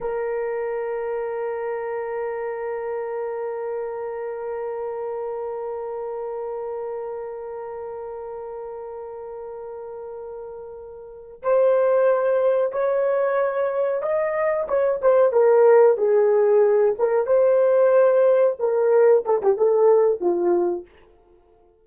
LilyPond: \new Staff \with { instrumentName = "horn" } { \time 4/4 \tempo 4 = 92 ais'1~ | ais'1~ | ais'1~ | ais'1~ |
ais'4. c''2 cis''8~ | cis''4. dis''4 cis''8 c''8 ais'8~ | ais'8 gis'4. ais'8 c''4.~ | c''8 ais'4 a'16 g'16 a'4 f'4 | }